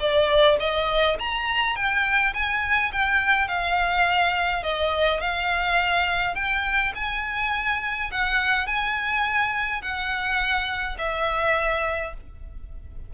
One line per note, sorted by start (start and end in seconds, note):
0.00 0.58 D5
0.60 1.17 D#5
1.19 1.76 A#5
1.76 2.34 G5
2.34 2.92 G#5
2.92 3.48 G5
3.48 4.63 F5
4.63 5.21 D#5
5.21 6.35 F5
6.35 6.93 G5
6.95 8.11 G#5
8.11 8.66 F#5
8.66 9.82 G#5
9.82 10.97 F#5
10.98 12.14 E5